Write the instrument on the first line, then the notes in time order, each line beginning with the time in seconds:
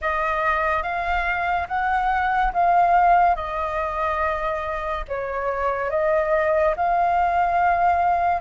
flute
0.01 D#5
0.82 F5
1.67 F#5
2.53 F5
3.35 D#5
5.08 C#5
5.90 D#5
6.76 F5